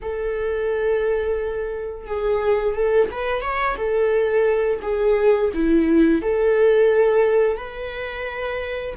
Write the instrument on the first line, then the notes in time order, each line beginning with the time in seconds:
viola
0.02 A4
2.07 G#4
2.74 A4
3.11 B4
3.41 C#5
3.76 A4
4.82 G#4
5.53 E4
6.22 A4
7.56 B4